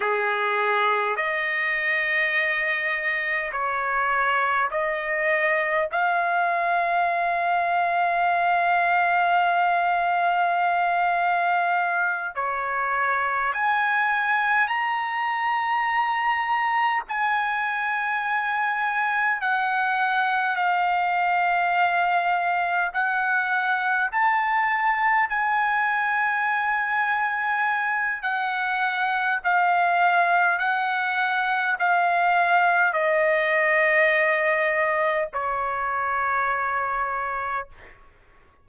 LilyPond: \new Staff \with { instrumentName = "trumpet" } { \time 4/4 \tempo 4 = 51 gis'4 dis''2 cis''4 | dis''4 f''2.~ | f''2~ f''8 cis''4 gis''8~ | gis''8 ais''2 gis''4.~ |
gis''8 fis''4 f''2 fis''8~ | fis''8 a''4 gis''2~ gis''8 | fis''4 f''4 fis''4 f''4 | dis''2 cis''2 | }